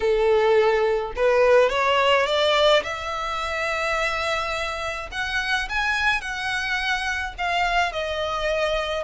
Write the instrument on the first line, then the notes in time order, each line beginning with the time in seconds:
violin
0.00 A4
1.16 B4
1.69 C#5
2.26 D5
2.83 E5
5.11 F#5
5.69 G#5
6.21 F#5
7.37 F5
7.92 D#5